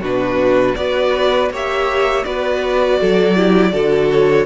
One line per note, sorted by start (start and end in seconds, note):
0.00 0.74 B2
0.00 0.76 D4
0.00 0.75 F#4
0.00 0.75 B4
0.75 1.50 B3
0.75 1.50 F#4
0.75 1.52 B4
0.75 1.50 D5
1.50 2.24 A#3
1.50 2.24 G4
1.50 2.25 C#5
1.50 2.24 E5
2.24 3.00 B3
2.24 3.35 F#4
2.24 2.99 B4
2.24 4.09 D5
3.00 3.73 F#3
3.00 3.37 A4
3.35 3.72 E4
3.35 3.72 G4
3.72 4.46 D3
3.72 4.46 F#4
3.72 4.46 A4
4.12 4.46 C#5